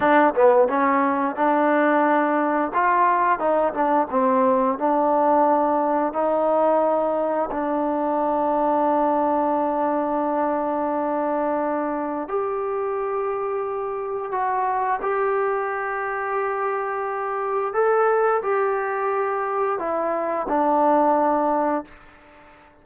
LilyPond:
\new Staff \with { instrumentName = "trombone" } { \time 4/4 \tempo 4 = 88 d'8 b8 cis'4 d'2 | f'4 dis'8 d'8 c'4 d'4~ | d'4 dis'2 d'4~ | d'1~ |
d'2 g'2~ | g'4 fis'4 g'2~ | g'2 a'4 g'4~ | g'4 e'4 d'2 | }